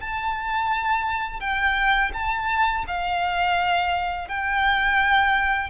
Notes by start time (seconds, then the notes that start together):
0.00 A5
1.40 G5
2.13 A5
2.87 F5
4.28 G5